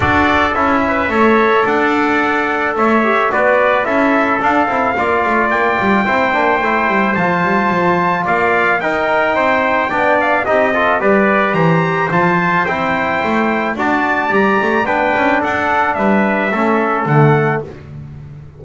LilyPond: <<
  \new Staff \with { instrumentName = "trumpet" } { \time 4/4 \tempo 4 = 109 d''4 e''2 fis''4~ | fis''4 e''4 d''4 e''4 | f''2 g''2~ | g''4 a''2 f''4 |
g''2~ g''8 f''8 dis''4 | d''4 ais''4 a''4 g''4~ | g''4 a''4 ais''4 g''4 | fis''4 e''2 fis''4 | }
  \new Staff \with { instrumentName = "trumpet" } { \time 4/4 a'4. b'8 cis''4 d''4~ | d''4 cis''4 b'4 a'4~ | a'4 d''2 c''4~ | c''2. d''4 |
ais'4 c''4 d''4 g'8 a'8 | b'4 c''2.~ | c''4 d''2 b'4 | a'4 b'4 a'2 | }
  \new Staff \with { instrumentName = "trombone" } { \time 4/4 fis'4 e'4 a'2~ | a'4. g'8 fis'4 e'4 | d'8 e'8 f'2 e'8 d'8 | e'4 f'2. |
dis'2 d'4 dis'8 f'8 | g'2 f'4 e'4~ | e'4 fis'4 g'4 d'4~ | d'2 cis'4 a4 | }
  \new Staff \with { instrumentName = "double bass" } { \time 4/4 d'4 cis'4 a4 d'4~ | d'4 a4 b4 cis'4 | d'8 c'8 ais8 a8 ais8 g8 c'8 ais8 | a8 g8 f8 g8 f4 ais4 |
dis'4 c'4 b4 c'4 | g4 e4 f4 c'4 | a4 d'4 g8 a8 b8 cis'8 | d'4 g4 a4 d4 | }
>>